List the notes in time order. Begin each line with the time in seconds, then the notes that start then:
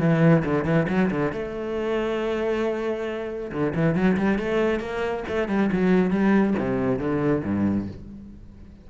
0.00 E3
0.45 D3
0.65 E3
0.88 F#3
1.11 D3
1.32 A3
3.52 D3
3.75 E3
3.95 F#3
4.17 G3
4.39 A3
4.80 A#3
5.28 A3
5.48 G3
5.72 F#3
6.11 G3
6.59 C3
6.99 D3
7.44 G2